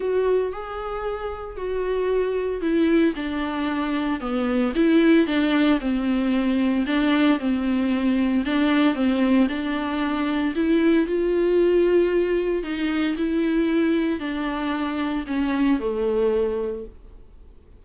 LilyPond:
\new Staff \with { instrumentName = "viola" } { \time 4/4 \tempo 4 = 114 fis'4 gis'2 fis'4~ | fis'4 e'4 d'2 | b4 e'4 d'4 c'4~ | c'4 d'4 c'2 |
d'4 c'4 d'2 | e'4 f'2. | dis'4 e'2 d'4~ | d'4 cis'4 a2 | }